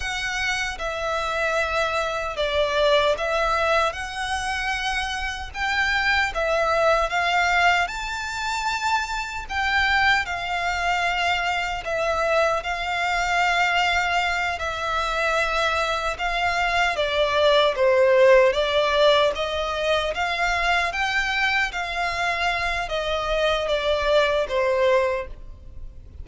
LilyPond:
\new Staff \with { instrumentName = "violin" } { \time 4/4 \tempo 4 = 76 fis''4 e''2 d''4 | e''4 fis''2 g''4 | e''4 f''4 a''2 | g''4 f''2 e''4 |
f''2~ f''8 e''4.~ | e''8 f''4 d''4 c''4 d''8~ | d''8 dis''4 f''4 g''4 f''8~ | f''4 dis''4 d''4 c''4 | }